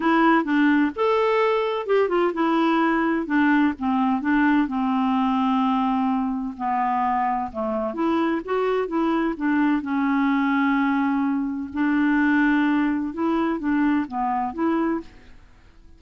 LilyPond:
\new Staff \with { instrumentName = "clarinet" } { \time 4/4 \tempo 4 = 128 e'4 d'4 a'2 | g'8 f'8 e'2 d'4 | c'4 d'4 c'2~ | c'2 b2 |
a4 e'4 fis'4 e'4 | d'4 cis'2.~ | cis'4 d'2. | e'4 d'4 b4 e'4 | }